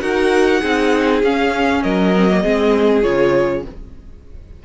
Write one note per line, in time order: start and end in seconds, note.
0.00 0.62 D#4
0.00 0.61 F#4
0.00 0.61 A#4
0.00 1.21 F#5
0.61 1.23 C4
0.61 1.23 D#4
0.61 1.82 G#4
1.23 1.84 C#4
1.23 2.15 C#4
1.23 1.83 F5
1.83 2.45 F#3
1.83 2.42 A#4
1.83 3.03 D#5
2.15 2.30 C4
2.30 2.43 A#3
2.42 3.05 G#3
2.42 3.02 C4
2.42 3.64 G#4
3.02 3.65 C#3
3.02 3.63 F4
3.02 3.64 C#5